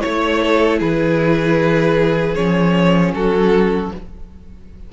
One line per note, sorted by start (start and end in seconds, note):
0.00 0.81 A3
0.00 2.34 E4
0.00 0.79 C#5
0.00 0.42 C#5
0.42 0.79 A4
0.79 2.37 E3
0.79 3.13 G#4
0.79 2.34 B4
2.34 3.13 F3
2.34 3.92 C#4
2.34 3.12 C#5
3.13 3.91 F#3
3.13 3.93 F#4
3.13 3.92 A4